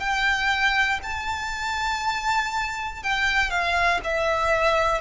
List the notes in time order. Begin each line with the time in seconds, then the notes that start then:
0.00 G5
1.03 A5
3.03 G5
3.50 F5
4.04 E5